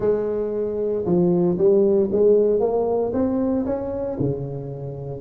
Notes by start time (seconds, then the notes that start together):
0.00 G#3
1.05 F3
1.57 G3
2.12 G#3
2.60 A#3
3.13 C4
3.65 C#4
4.19 C#3